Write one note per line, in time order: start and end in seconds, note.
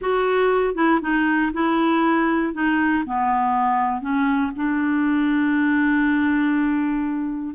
0.01 0.74 F#4
0.74 0.99 E4
1.01 1.51 D#4
1.53 2.53 E4
2.53 3.03 D#4
3.05 4.01 B3
4.01 4.51 C#4
4.56 7.55 D4